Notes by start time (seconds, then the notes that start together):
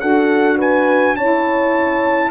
0.00 D4 F#4 A4 F#5
0.58 B4 G#5
1.16 C#4 E4 C#5 A5